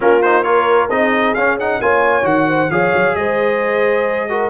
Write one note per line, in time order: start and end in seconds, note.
0.00 0.90 A#3
0.00 0.21 C#4
0.00 0.44 F4
0.00 0.22 A#4
0.22 0.44 D#4
0.22 0.43 C5
0.43 0.89 F4
0.43 0.89 A#4
0.43 0.88 C#5
0.89 1.35 C4
0.89 1.36 D#4
0.89 1.79 G#4
0.89 1.34 D#5
1.34 1.80 C#4
1.34 1.60 C#4
1.34 1.57 F5
1.59 1.82 D#4
1.59 1.81 F#5
1.81 2.23 A#3
1.81 2.23 F4
1.81 2.48 C#5
1.81 2.26 G#5
2.23 2.68 D#3
2.23 2.68 F#4
2.23 2.70 F#5
2.48 2.70 C5
2.70 2.92 F3
2.70 4.29 G#4
2.70 3.16 C#5
2.70 3.15 F5
2.93 3.15 F#3
3.15 4.49 G#3
3.15 4.30 C5
3.15 4.49 D#5
4.29 4.49 F#4
4.29 4.49 A#4